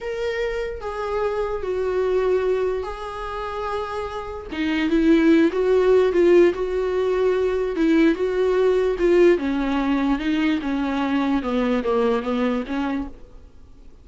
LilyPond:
\new Staff \with { instrumentName = "viola" } { \time 4/4 \tempo 4 = 147 ais'2 gis'2 | fis'2. gis'4~ | gis'2. dis'4 | e'4. fis'4. f'4 |
fis'2. e'4 | fis'2 f'4 cis'4~ | cis'4 dis'4 cis'2 | b4 ais4 b4 cis'4 | }